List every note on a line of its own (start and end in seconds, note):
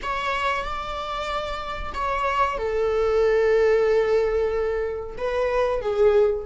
0.02 0.63 C#5
0.63 1.92 D5
1.94 2.58 C#5
2.58 5.16 A4
5.17 5.81 B4
5.81 6.45 G#4